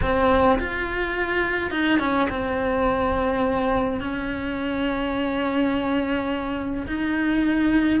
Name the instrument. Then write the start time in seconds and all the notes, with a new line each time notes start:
cello
0.02 C4
0.59 F4
1.70 D#4
1.99 C#4
2.29 C4
4.00 C#4
6.86 D#4